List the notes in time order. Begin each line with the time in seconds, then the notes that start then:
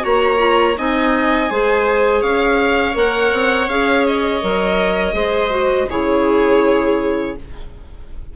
0.00 A#3 F#4 C#5 A#5
0.37 F4
0.77 C4 D#4 D#5 G#5
1.50 G#3 G#4 C5
2.21 C#4 C#5 F5
2.93 A#3 A#4 F#5
3.32 C4
3.68 C#4 G#4 F5
4.06 D#5
4.41 F#3 A#4
5.13 G#3 G#4 C5
5.50 F#4
5.89 C#3 E4 G#4 C#5